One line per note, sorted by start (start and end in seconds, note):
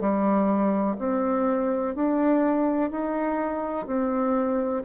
0.00 0.97 G3
0.99 1.95 C4
1.95 2.91 D4
2.91 3.87 D#4
3.87 4.83 C4